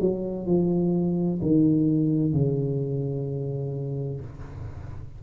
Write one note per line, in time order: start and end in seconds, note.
0.00 0.46 F#3
0.46 1.40 F3
1.41 2.33 D#3
2.33 4.20 C#3